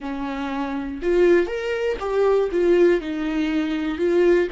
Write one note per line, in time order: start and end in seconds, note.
0.00 1.00 C#4
1.01 1.46 F4
1.46 1.96 A#4
1.99 2.49 G4
2.51 3.00 F4
3.00 3.98 D#4
3.98 4.48 F4